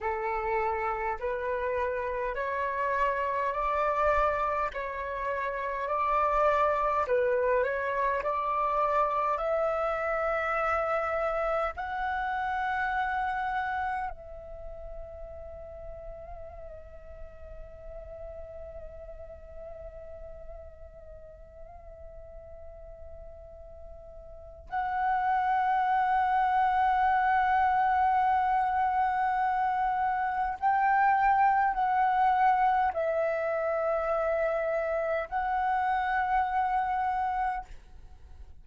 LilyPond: \new Staff \with { instrumentName = "flute" } { \time 4/4 \tempo 4 = 51 a'4 b'4 cis''4 d''4 | cis''4 d''4 b'8 cis''8 d''4 | e''2 fis''2 | e''1~ |
e''1~ | e''4 fis''2.~ | fis''2 g''4 fis''4 | e''2 fis''2 | }